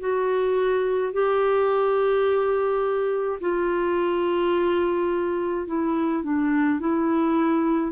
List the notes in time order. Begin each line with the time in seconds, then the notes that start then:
0.00 F#4
1.13 G4
3.41 F4
5.67 E4
6.23 D4
6.80 E4